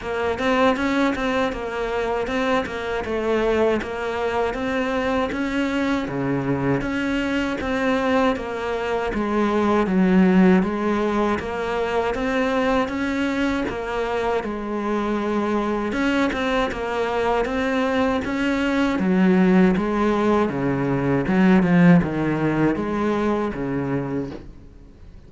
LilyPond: \new Staff \with { instrumentName = "cello" } { \time 4/4 \tempo 4 = 79 ais8 c'8 cis'8 c'8 ais4 c'8 ais8 | a4 ais4 c'4 cis'4 | cis4 cis'4 c'4 ais4 | gis4 fis4 gis4 ais4 |
c'4 cis'4 ais4 gis4~ | gis4 cis'8 c'8 ais4 c'4 | cis'4 fis4 gis4 cis4 | fis8 f8 dis4 gis4 cis4 | }